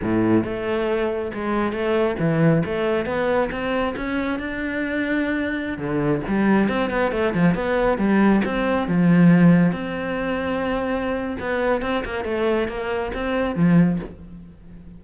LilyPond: \new Staff \with { instrumentName = "cello" } { \time 4/4 \tempo 4 = 137 a,4 a2 gis4 | a4 e4 a4 b4 | c'4 cis'4 d'2~ | d'4~ d'16 d4 g4 c'8 b16~ |
b16 a8 f8 b4 g4 c'8.~ | c'16 f2 c'4.~ c'16~ | c'2 b4 c'8 ais8 | a4 ais4 c'4 f4 | }